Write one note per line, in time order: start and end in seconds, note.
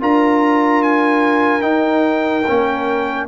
0.00 1.62 D4
0.00 1.60 F4
0.00 3.28 A#4
0.00 0.82 A#5
0.82 1.61 G#5
1.60 2.42 D#4
1.60 2.44 D#4
1.60 3.26 G5
2.47 3.28 A#3
2.47 3.28 C#4